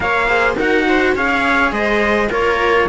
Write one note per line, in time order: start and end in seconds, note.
0.00 0.55 A#3
0.00 0.26 A#4
0.00 0.28 C#5
0.00 0.56 F5
0.27 0.56 G#4
0.27 0.56 C5
0.55 1.13 D#4
0.55 1.16 F#4
0.55 0.86 A#4
0.55 1.16 F#5
0.88 1.15 C5
1.14 1.71 C#4
1.14 2.29 G#4
1.14 1.72 C#5
1.14 1.72 F5
1.71 2.29 G#3
1.71 2.29 C5
1.71 2.30 D#5
2.29 2.88 A#3
2.29 2.87 F4
2.29 2.86 A#4
2.29 2.88 C#5